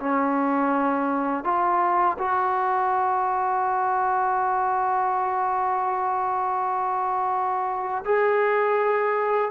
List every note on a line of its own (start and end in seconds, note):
0.00 1.44 C#4
1.44 2.18 F4
2.19 8.04 F#4
8.05 9.52 G#4